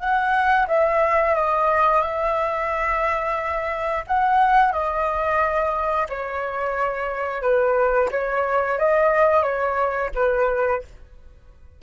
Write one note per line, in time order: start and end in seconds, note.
0.00 0.67 F#5
0.68 1.35 E5
1.36 2.03 D#5
2.03 4.05 E5
4.08 4.73 F#5
4.73 6.08 D#5
6.10 7.42 C#5
7.42 8.10 B4
8.12 8.79 C#5
8.79 9.44 D#5
9.44 10.11 C#5
10.16 10.83 B4